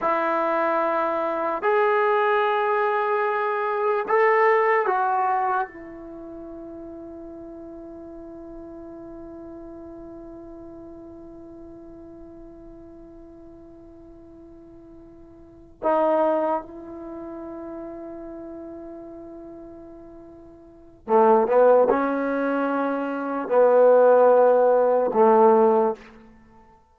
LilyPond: \new Staff \with { instrumentName = "trombone" } { \time 4/4 \tempo 4 = 74 e'2 gis'2~ | gis'4 a'4 fis'4 e'4~ | e'1~ | e'1~ |
e'2.~ e'8 dis'8~ | dis'8 e'2.~ e'8~ | e'2 a8 b8 cis'4~ | cis'4 b2 a4 | }